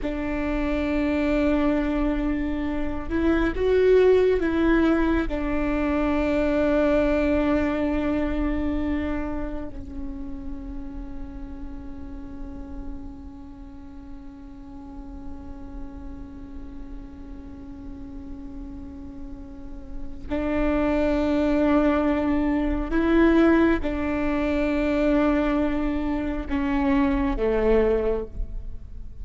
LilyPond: \new Staff \with { instrumentName = "viola" } { \time 4/4 \tempo 4 = 68 d'2.~ d'8 e'8 | fis'4 e'4 d'2~ | d'2. cis'4~ | cis'1~ |
cis'1~ | cis'2. d'4~ | d'2 e'4 d'4~ | d'2 cis'4 a4 | }